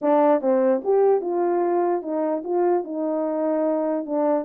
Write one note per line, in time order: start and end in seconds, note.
0.01 0.41 D4
0.41 0.81 C4
0.84 1.21 G4
1.21 2.02 F4
2.02 2.42 D#4
2.43 2.83 F4
2.83 4.05 D#4
4.05 4.44 D4